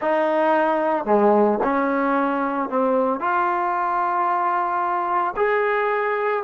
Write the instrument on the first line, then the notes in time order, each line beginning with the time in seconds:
trombone
0.00 D#4
1.05 G#3
1.63 C#4
2.69 C4
3.19 F4
5.36 G#4